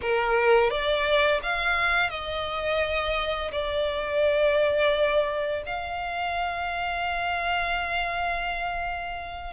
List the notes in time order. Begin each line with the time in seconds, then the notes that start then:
0.01 A#4
0.70 D5
1.42 F5
2.10 D#5
3.51 D5
5.66 F5